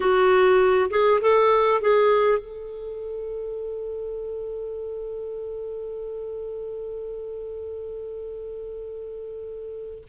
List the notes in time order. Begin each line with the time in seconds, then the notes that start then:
0.00 F#4
0.90 G#4
1.21 A4
1.81 G#4
2.38 A4